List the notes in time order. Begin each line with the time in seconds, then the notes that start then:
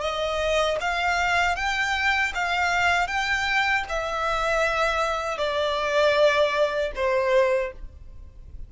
0.00 D#5
0.80 F5
1.55 G5
2.34 F5
3.07 G5
3.88 E5
5.38 D5
6.95 C5